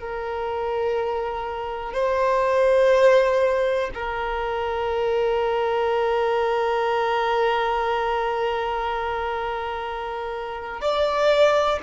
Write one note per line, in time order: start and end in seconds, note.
0.00 1.94 A#4
1.94 3.90 C5
3.94 10.81 A#4
10.81 11.79 D5